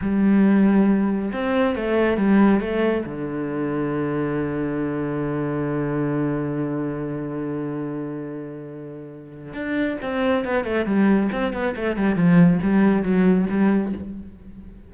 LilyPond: \new Staff \with { instrumentName = "cello" } { \time 4/4 \tempo 4 = 138 g2. c'4 | a4 g4 a4 d4~ | d1~ | d1~ |
d1~ | d2 d'4 c'4 | b8 a8 g4 c'8 b8 a8 g8 | f4 g4 fis4 g4 | }